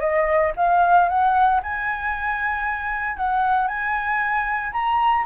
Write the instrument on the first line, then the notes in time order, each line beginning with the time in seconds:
flute
0.00 D#5
0.57 F5
1.09 F#5
1.63 G#5
3.17 F#5
3.68 G#5
4.73 A#5